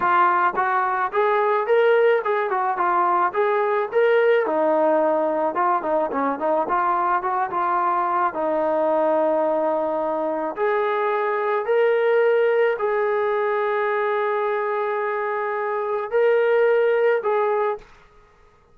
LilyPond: \new Staff \with { instrumentName = "trombone" } { \time 4/4 \tempo 4 = 108 f'4 fis'4 gis'4 ais'4 | gis'8 fis'8 f'4 gis'4 ais'4 | dis'2 f'8 dis'8 cis'8 dis'8 | f'4 fis'8 f'4. dis'4~ |
dis'2. gis'4~ | gis'4 ais'2 gis'4~ | gis'1~ | gis'4 ais'2 gis'4 | }